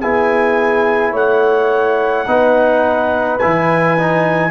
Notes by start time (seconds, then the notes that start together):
0.00 B3 E4 G#4 G#5
1.12 A3 C#5 F#5
2.27 B3 D#4 B4
3.39 E3 E4 G#5
3.99 D#4